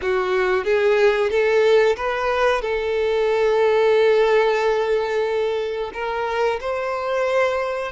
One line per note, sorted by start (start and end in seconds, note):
0.01 0.64 F#4
0.64 1.30 G#4
1.30 1.96 A4
1.96 2.61 B4
2.61 5.91 A4
5.93 6.59 A#4
6.60 7.92 C5